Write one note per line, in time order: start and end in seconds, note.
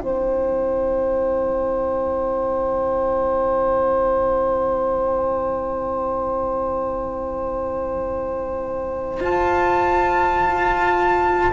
0.00 9.22 C4
0.00 9.20 E4
0.00 11.53 C5
0.00 9.23 G5
9.20 11.51 F4
9.20 11.53 F4
9.20 11.53 A5